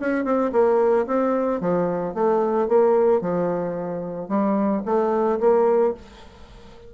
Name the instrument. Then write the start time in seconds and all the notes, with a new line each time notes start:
bassoon
0.00 C#4
0.25 C4
0.53 A#3
1.07 C4
1.61 F3
2.14 A3
2.69 A#3
3.21 F3
4.29 G3
4.86 A3
5.41 A#3